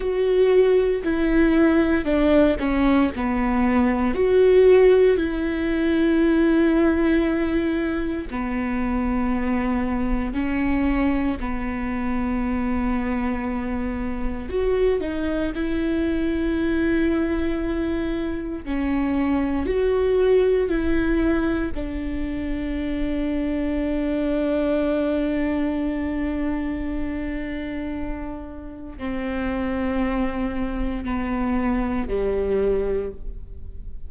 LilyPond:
\new Staff \with { instrumentName = "viola" } { \time 4/4 \tempo 4 = 58 fis'4 e'4 d'8 cis'8 b4 | fis'4 e'2. | b2 cis'4 b4~ | b2 fis'8 dis'8 e'4~ |
e'2 cis'4 fis'4 | e'4 d'2.~ | d'1 | c'2 b4 g4 | }